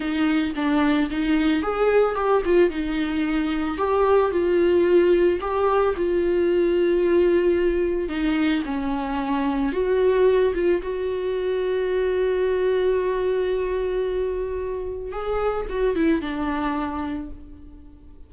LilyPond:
\new Staff \with { instrumentName = "viola" } { \time 4/4 \tempo 4 = 111 dis'4 d'4 dis'4 gis'4 | g'8 f'8 dis'2 g'4 | f'2 g'4 f'4~ | f'2. dis'4 |
cis'2 fis'4. f'8 | fis'1~ | fis'1 | gis'4 fis'8 e'8 d'2 | }